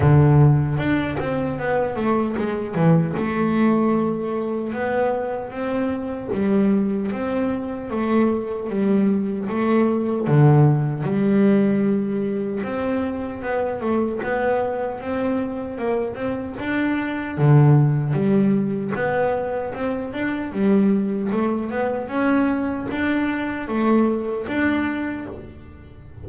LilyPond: \new Staff \with { instrumentName = "double bass" } { \time 4/4 \tempo 4 = 76 d4 d'8 c'8 b8 a8 gis8 e8 | a2 b4 c'4 | g4 c'4 a4 g4 | a4 d4 g2 |
c'4 b8 a8 b4 c'4 | ais8 c'8 d'4 d4 g4 | b4 c'8 d'8 g4 a8 b8 | cis'4 d'4 a4 d'4 | }